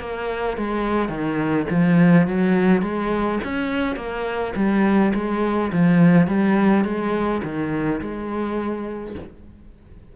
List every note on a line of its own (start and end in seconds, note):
0.00 0.57 A#3
0.57 1.09 G#3
1.09 1.66 D#3
1.70 2.27 F3
2.27 2.82 F#3
2.82 3.39 G#3
3.44 3.96 C#4
3.96 4.53 A#3
4.55 5.12 G3
5.14 5.71 G#3
5.72 6.27 F3
6.27 6.84 G3
6.84 7.41 G#3
7.43 8.00 D#3
8.01 9.15 G#3